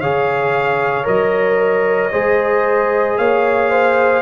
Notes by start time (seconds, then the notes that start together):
0.00 C#3 G#4 C#5 F5
1.03 F#3 A#4 D#5
2.12 G#3 G#4 C5
3.17 A#3 C#5 F5
3.70 C5